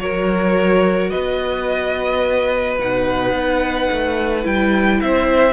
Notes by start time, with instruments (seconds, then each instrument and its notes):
0.00 cello F#3, viola F#4, violin A#4 C#5
1.10 cello B3, violin B4 D#5
2.79 cello B2, viola D#4, violin F#5
3.33 cello B3
3.92 cello A3
4.44 cello G3, viola E4, violin G5
5.01 cello C4, violin C5 E5